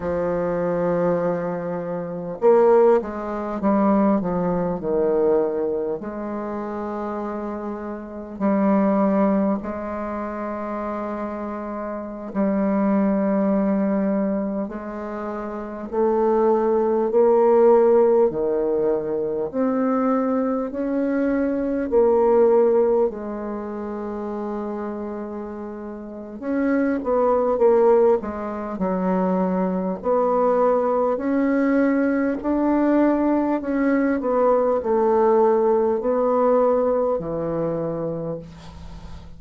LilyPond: \new Staff \with { instrumentName = "bassoon" } { \time 4/4 \tempo 4 = 50 f2 ais8 gis8 g8 f8 | dis4 gis2 g4 | gis2~ gis16 g4.~ g16~ | g16 gis4 a4 ais4 dis8.~ |
dis16 c'4 cis'4 ais4 gis8.~ | gis2 cis'8 b8 ais8 gis8 | fis4 b4 cis'4 d'4 | cis'8 b8 a4 b4 e4 | }